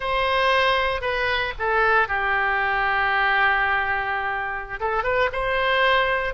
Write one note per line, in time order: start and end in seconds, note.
0.00 1.01 C5
1.01 1.53 B4
1.58 2.08 A4
2.08 4.79 G4
4.80 5.03 A4
5.03 5.29 B4
5.32 6.34 C5